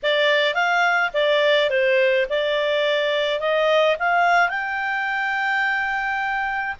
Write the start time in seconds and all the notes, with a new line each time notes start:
0.02 D5
0.54 F5
1.13 D5
1.70 C5
2.29 D5
3.40 D#5
3.99 F5
4.49 G5